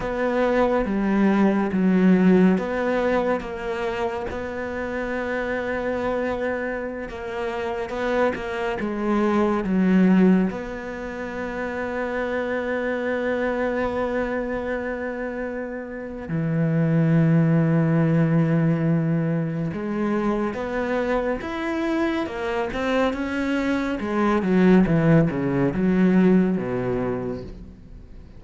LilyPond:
\new Staff \with { instrumentName = "cello" } { \time 4/4 \tempo 4 = 70 b4 g4 fis4 b4 | ais4 b2.~ | b16 ais4 b8 ais8 gis4 fis8.~ | fis16 b2.~ b8.~ |
b2. e4~ | e2. gis4 | b4 e'4 ais8 c'8 cis'4 | gis8 fis8 e8 cis8 fis4 b,4 | }